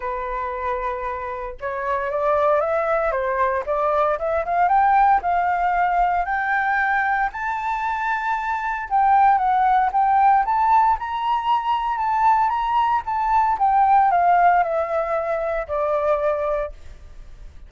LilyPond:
\new Staff \with { instrumentName = "flute" } { \time 4/4 \tempo 4 = 115 b'2. cis''4 | d''4 e''4 c''4 d''4 | e''8 f''8 g''4 f''2 | g''2 a''2~ |
a''4 g''4 fis''4 g''4 | a''4 ais''2 a''4 | ais''4 a''4 g''4 f''4 | e''2 d''2 | }